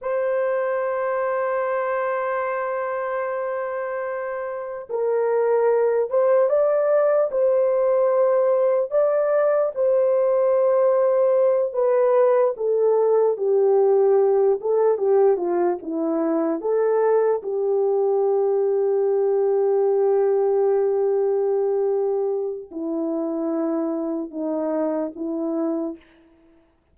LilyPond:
\new Staff \with { instrumentName = "horn" } { \time 4/4 \tempo 4 = 74 c''1~ | c''2 ais'4. c''8 | d''4 c''2 d''4 | c''2~ c''8 b'4 a'8~ |
a'8 g'4. a'8 g'8 f'8 e'8~ | e'8 a'4 g'2~ g'8~ | g'1 | e'2 dis'4 e'4 | }